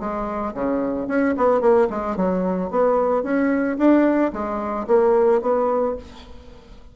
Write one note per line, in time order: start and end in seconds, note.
0.00 0.54 G#3
0.54 1.08 C#3
1.08 1.35 C#4
1.38 1.61 B3
1.61 1.88 A#3
1.90 2.17 G#3
2.17 2.71 F#3
2.71 3.24 B3
3.24 3.78 C#4
3.78 4.32 D4
4.33 4.87 G#3
4.88 5.42 A#3
5.42 5.96 B3